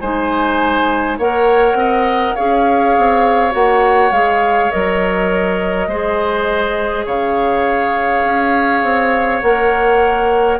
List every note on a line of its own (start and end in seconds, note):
0.00 1.18 G#3
0.00 1.20 D#4
0.00 1.18 C5
0.00 1.18 G#5
1.18 1.74 A#3
1.18 2.37 A#4
1.18 1.77 C#5
1.18 2.35 F#5
1.74 2.32 C4
1.74 2.35 D#5
2.35 2.97 C#4
2.35 3.50 G#4
2.35 5.87 C#5
2.35 3.52 F5
2.97 3.54 C4
3.50 4.11 A#3
3.50 4.09 F#4
3.50 4.12 F#5
4.11 4.69 G#3
4.11 4.71 G#4
4.11 4.71 F5
4.71 5.87 F#3
4.71 5.88 A#4
4.71 7.06 D#5
5.87 7.05 G#3
5.87 9.43 G#4
5.87 7.05 C5
7.05 8.24 C#3
7.05 10.58 C#5
7.05 9.40 F5
8.24 8.83 C#4
8.83 9.41 C4
9.40 10.59 A#3
9.40 10.59 A#4
9.40 10.58 F#5